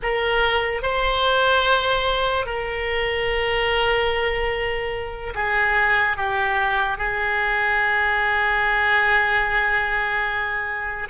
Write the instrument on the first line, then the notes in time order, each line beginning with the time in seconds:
oboe
0.02 A#4
0.82 C5
2.46 A#4
5.35 G#4
6.16 G4
6.97 G#4